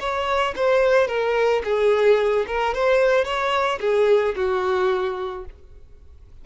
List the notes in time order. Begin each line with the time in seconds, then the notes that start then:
0.00 C#5
0.56 C5
1.08 A#4
1.64 G#4
2.47 A#4
2.74 C5
3.25 C#5
3.81 G#4
4.36 F#4